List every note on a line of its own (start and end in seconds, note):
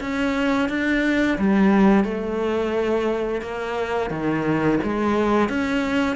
0.00 0.69 C#4
0.69 1.38 D4
1.38 2.04 G3
2.04 3.41 A3
3.41 4.10 A#3
4.10 4.79 D#3
4.83 5.49 G#3
5.49 6.16 C#4